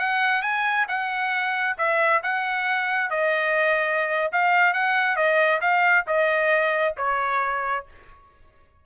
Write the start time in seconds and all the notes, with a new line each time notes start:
0.00 F#5
0.43 G#5
0.89 F#5
1.78 E5
2.23 F#5
3.10 D#5
4.33 F5
4.74 F#5
5.17 D#5
5.61 F5
6.07 D#5
6.98 C#5